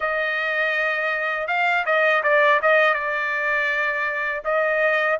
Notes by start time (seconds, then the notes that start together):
0.00 D#5
1.47 F5
1.85 D#5
2.23 D5
2.62 D#5
2.94 D5
4.44 D#5